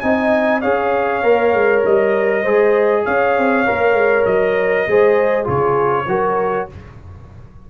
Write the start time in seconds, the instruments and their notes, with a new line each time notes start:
0.00 tuba C4, trombone D#4, horn D#5, trumpet G#5
0.61 tuba C#4, trombone G#4, horn C#5, trumpet F5
1.23 tuba A#3, trombone A#4
1.53 tuba G#3
1.84 tuba G3, trumpet D#5
2.43 tuba G#3, trombone G#4, horn C5
3.05 tuba C#4, horn C#5, trumpet F5
3.37 tuba C4
3.66 tuba A#3, trombone A#4
3.93 tuba G#3
4.25 tuba F#3, trumpet D#5
4.87 tuba G#3, trombone G#4, horn C5
5.44 tuba C#3, trombone F4, horn G#4, trumpet C#5
6.06 tuba F#3, trombone F#4, horn A#4